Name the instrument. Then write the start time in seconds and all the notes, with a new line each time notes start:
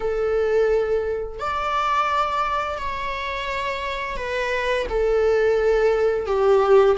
viola
0.00 A4
1.39 D5
2.78 C#5
4.16 B4
4.89 A4
6.26 G4